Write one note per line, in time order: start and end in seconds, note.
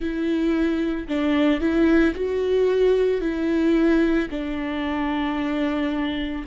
0.00 1.07 E4
1.08 1.60 D4
1.60 2.13 E4
2.14 3.21 F#4
3.21 4.28 E4
4.30 6.44 D4